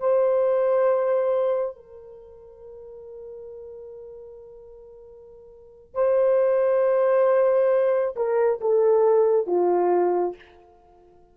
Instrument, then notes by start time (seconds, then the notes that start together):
horn
0.00 C5
1.76 A#4
5.95 C5
8.16 A#4
8.61 A4
9.47 F4